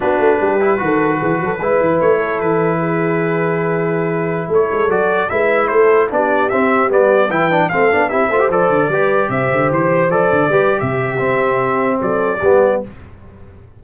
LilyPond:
<<
  \new Staff \with { instrumentName = "trumpet" } { \time 4/4 \tempo 4 = 150 b'1~ | b'4 cis''4 b'2~ | b'2.~ b'16 cis''8.~ | cis''16 d''4 e''4 c''4 d''8.~ |
d''16 e''4 d''4 g''4 f''8.~ | f''16 e''4 d''2 e''8.~ | e''16 c''4 d''4.~ d''16 e''4~ | e''2 d''2 | }
  \new Staff \with { instrumentName = "horn" } { \time 4/4 fis'4 g'4 a'4 gis'8 a'8 | b'4. a'4. gis'4~ | gis'2.~ gis'16 a'8.~ | a'4~ a'16 b'4 a'4 g'8.~ |
g'2~ g'16 b'4 a'8.~ | a'16 g'8 c''4. b'4 c''8.~ | c''2~ c''16 b'8. g'4~ | g'2 a'4 g'4 | }
  \new Staff \with { instrumentName = "trombone" } { \time 4/4 d'4. e'8 fis'2 | e'1~ | e'1~ | e'16 fis'4 e'2 d'8.~ |
d'16 c'4 b4 e'8 d'8 c'8 d'16~ | d'16 e'8 f'16 g'16 a'4 g'4.~ g'16~ | g'4~ g'16 a'4 g'4.~ g'16 | c'2. b4 | }
  \new Staff \with { instrumentName = "tuba" } { \time 4/4 b8 a8 g4 dis4 e8 fis8 | gis8 e8 a4 e2~ | e2.~ e16 a8 gis16~ | gis16 fis4 gis4 a4 b8.~ |
b16 c'4 g4 e4 a8 b16~ | b16 c'8 a8 f8 d8 g4 c8 d16~ | d16 e4 f8 d8 g8. c4 | c'2 fis4 g4 | }
>>